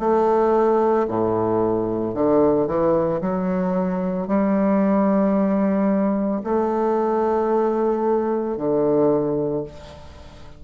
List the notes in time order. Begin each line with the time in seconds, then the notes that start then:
0.00 A3
1.08 A2
2.14 D3
2.67 E3
3.21 F#3
4.28 G3
6.44 A3
8.57 D3